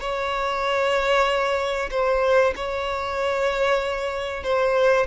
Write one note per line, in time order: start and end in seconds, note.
0.00 1.89 C#5
1.91 2.54 C5
2.56 4.43 C#5
4.43 5.06 C5